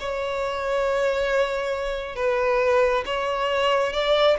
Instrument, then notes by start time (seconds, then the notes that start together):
violin
0.00 C#5
2.16 B4
3.06 C#5
3.93 D5